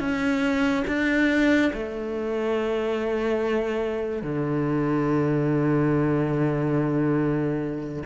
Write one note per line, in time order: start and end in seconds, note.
0.00 0.85 C#4
0.87 1.72 D4
1.74 4.23 A3
4.23 8.03 D3